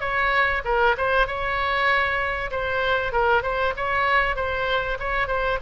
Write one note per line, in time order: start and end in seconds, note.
0.00 0.62 C#5
0.64 0.95 A#4
0.97 1.27 C5
1.27 2.50 C#5
2.51 3.12 C5
3.12 3.42 A#4
3.42 3.73 C5
3.76 4.36 C#5
4.36 4.97 C5
4.99 5.27 C#5
5.27 5.58 C5